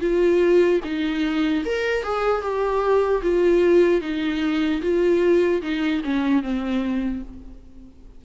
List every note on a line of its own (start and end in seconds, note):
0.00 0.80 F4
0.84 1.64 D#4
1.65 2.03 A#4
2.03 2.41 G#4
2.41 3.21 G4
3.22 4.01 F4
4.01 4.81 D#4
4.81 5.61 F4
5.62 6.02 D#4
6.04 6.42 C#4
6.42 7.22 C4